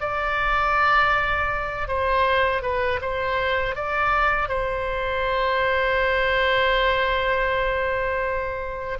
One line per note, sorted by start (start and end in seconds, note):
0.00 1.88 D5
1.88 2.62 C5
2.62 3.00 B4
3.01 3.75 C5
3.75 4.48 D5
4.48 8.98 C5